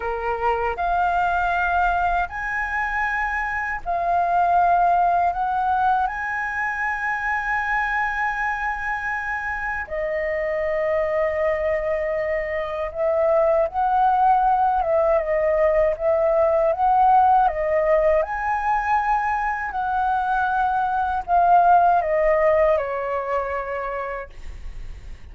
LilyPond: \new Staff \with { instrumentName = "flute" } { \time 4/4 \tempo 4 = 79 ais'4 f''2 gis''4~ | gis''4 f''2 fis''4 | gis''1~ | gis''4 dis''2.~ |
dis''4 e''4 fis''4. e''8 | dis''4 e''4 fis''4 dis''4 | gis''2 fis''2 | f''4 dis''4 cis''2 | }